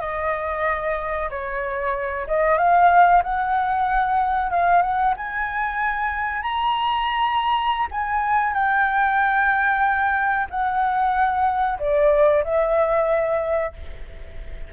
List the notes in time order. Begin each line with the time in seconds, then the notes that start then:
0.00 D#5
1.30 C#5
2.27 D#5
2.58 F5
3.23 F#5
4.51 F5
4.82 F#5
5.17 G#5
6.43 A#5
7.91 G#5
8.54 G5
10.50 F#5
11.79 D5
12.44 E5